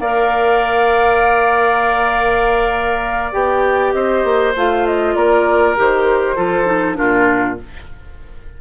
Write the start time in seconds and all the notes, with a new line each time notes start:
0.00 A#3 A#4 D5 F5
3.33 B3 G4 G5
3.93 C4 C5 D#5
4.24 A#3
4.56 A3 F4 F5
4.86 D#5
5.16 A#3 A#4 D5
5.77 D#3 G4 C5
6.36 F3 F4 A4
6.66 D#4
6.95 A#2 D4 F4 A#4